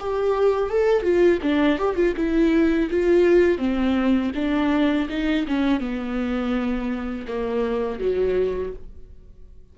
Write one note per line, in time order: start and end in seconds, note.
0.00 0.71 G4
0.71 1.03 A4
1.03 1.39 F4
1.43 1.79 D4
1.79 1.96 G4
1.96 2.14 F4
2.17 2.90 E4
2.91 3.59 F4
3.59 4.32 C4
4.35 5.09 D4
5.10 5.46 D#4
5.48 5.80 C#4
5.80 7.27 B3
7.28 8.00 A#3
8.00 8.73 F#3